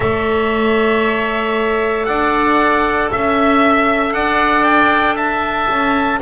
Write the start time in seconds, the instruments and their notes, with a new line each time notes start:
0.00 double bass A3, clarinet A4, oboe C#5, trumpet E5
2.05 double bass D4, oboe D5, trumpet F#5
3.11 double bass C#4, oboe E5, trumpet E5
4.12 double bass D4, oboe D5, trumpet F#5
4.64 trumpet G5
5.15 oboe E5, trumpet A5
5.68 double bass C#4